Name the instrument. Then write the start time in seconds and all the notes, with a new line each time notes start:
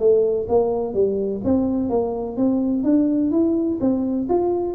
tuba
0.00 A3
0.49 A#3
0.94 G3
1.45 C4
1.90 A#3
2.37 C4
2.84 D4
3.31 E4
3.81 C4
4.29 F4